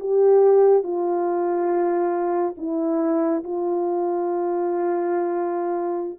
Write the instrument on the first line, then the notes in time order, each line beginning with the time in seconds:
horn
0.00 G4
0.83 F4
2.58 E4
3.44 F4